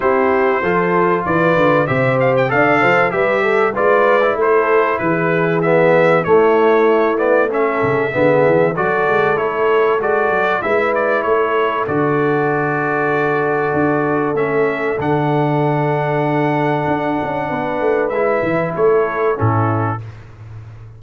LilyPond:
<<
  \new Staff \with { instrumentName = "trumpet" } { \time 4/4 \tempo 4 = 96 c''2 d''4 e''8 f''16 g''16 | f''4 e''4 d''4 c''4 | b'4 e''4 cis''4. d''8 | e''2 d''4 cis''4 |
d''4 e''8 d''8 cis''4 d''4~ | d''2. e''4 | fis''1~ | fis''4 e''4 cis''4 a'4 | }
  \new Staff \with { instrumentName = "horn" } { \time 4/4 g'4 a'4 b'4 c''4 | d''8 c''8 b'8 a'8 b'4 a'4 | gis'2 e'2 | a'4 gis'4 a'2~ |
a'4 b'4 a'2~ | a'1~ | a'1 | b'2 a'4 e'4 | }
  \new Staff \with { instrumentName = "trombone" } { \time 4/4 e'4 f'2 g'4 | a'4 g'4 f'8. e'4~ e'16~ | e'4 b4 a4. b8 | cis'4 b4 fis'4 e'4 |
fis'4 e'2 fis'4~ | fis'2. cis'4 | d'1~ | d'4 e'2 cis'4 | }
  \new Staff \with { instrumentName = "tuba" } { \time 4/4 c'4 f4 e8 d8 c4 | d'8 f8 g4 gis4 a4 | e2 a2~ | a8 cis8 d8 e8 fis8 gis8 a4 |
gis8 fis8 gis4 a4 d4~ | d2 d'4 a4 | d2. d'8 cis'8 | b8 a8 gis8 e8 a4 a,4 | }
>>